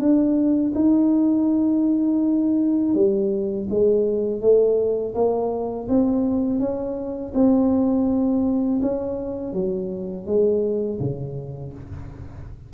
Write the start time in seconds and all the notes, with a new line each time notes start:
0.00 D4
0.75 D#4
2.95 G3
3.71 G#3
4.42 A3
5.15 A#3
5.89 C4
6.60 C#4
7.35 C4
8.82 C#4
9.54 F#3
10.27 G#3
11.01 C#3